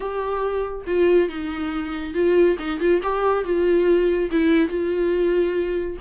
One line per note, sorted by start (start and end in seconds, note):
0.00 0.85 G4
0.86 1.29 F4
1.29 2.14 D#4
2.14 2.56 F4
2.58 2.80 D#4
2.80 3.01 F4
3.02 3.44 G4
3.44 4.30 F4
4.31 4.68 E4
4.68 5.97 F4